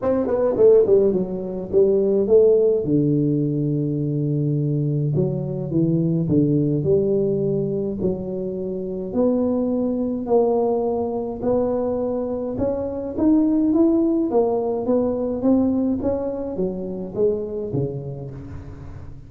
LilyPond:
\new Staff \with { instrumentName = "tuba" } { \time 4/4 \tempo 4 = 105 c'8 b8 a8 g8 fis4 g4 | a4 d2.~ | d4 fis4 e4 d4 | g2 fis2 |
b2 ais2 | b2 cis'4 dis'4 | e'4 ais4 b4 c'4 | cis'4 fis4 gis4 cis4 | }